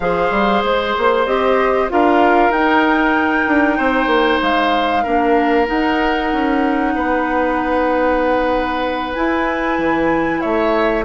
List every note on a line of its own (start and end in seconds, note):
0.00 0.30 F3
0.00 1.26 G#4
0.00 1.92 C5
0.00 0.63 F5
0.31 0.62 G3
0.63 0.95 G#3
0.63 1.26 C5
0.97 1.26 A#3
1.26 1.89 C4
1.26 1.89 G4
1.26 1.89 D#5
1.89 2.50 D4
1.89 2.52 F4
1.89 3.77 A#4
1.89 2.51 F5
2.50 3.44 D#4
2.50 5.05 D#4
2.50 4.41 G5
3.47 3.78 D4
3.77 4.06 C4
3.77 5.03 C5
4.06 4.38 A#3
4.41 5.05 G#3
4.41 5.68 F5
5.03 5.69 A#3
5.03 5.66 D4
5.03 6.92 A#4
5.66 9.13 D#4
5.66 6.32 D#4
5.66 9.14 F#5
6.32 6.94 C#4
6.94 9.15 B3
6.94 10.41 B4
9.14 11.04 E4
9.14 9.78 E4
9.14 10.40 G#5
9.78 10.41 E3
10.40 11.04 A3
10.40 11.04 C#5
10.40 11.03 E5